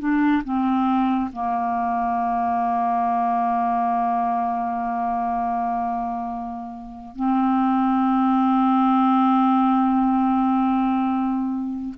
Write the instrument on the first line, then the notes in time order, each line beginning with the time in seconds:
clarinet
0.00 D4
0.45 C4
1.33 A#3
7.16 C4